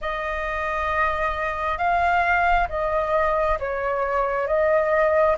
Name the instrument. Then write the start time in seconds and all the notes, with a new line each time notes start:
flute
0.01 D#5
1.77 F5
2.69 D#5
3.59 C#5
4.47 D#5